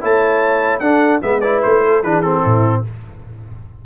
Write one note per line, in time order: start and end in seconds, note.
0.00 0.80 A3
0.00 0.81 E4
0.00 0.81 C#5
0.00 0.79 A5
0.79 1.20 D4
0.79 1.21 D4
0.79 1.22 A4
0.79 1.20 F#5
1.21 1.63 G#3
1.21 1.42 B3
1.21 1.84 B4
1.21 1.40 E5
1.40 2.03 E4
1.40 1.61 D5
1.62 2.03 A3
1.62 2.03 C5
1.84 2.03 A4
2.03 2.44 E3
2.03 2.23 D4
2.03 2.41 G#4
2.03 2.21 B4
2.21 2.84 C4
2.21 2.82 A4
2.41 2.85 A2
2.41 2.81 E4